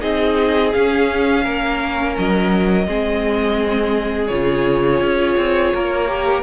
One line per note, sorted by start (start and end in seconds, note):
0.00 0.74 C4
0.00 0.71 D#4
0.00 1.44 G#4
0.00 0.73 D#5
0.73 2.87 C#4
0.73 1.46 C#4
0.73 2.16 F5
1.44 2.17 A#3
1.44 2.87 A#4
2.18 2.87 F#3
2.18 4.28 D#5
2.87 4.30 G#3
2.87 4.30 C4
2.87 5.74 G#4
4.28 5.01 C#3
4.28 6.08 F4
4.28 6.42 C#5
5.01 5.37 C#4
5.38 5.74 C4
5.74 6.43 A#3
5.74 6.43 A#4
6.08 6.43 G4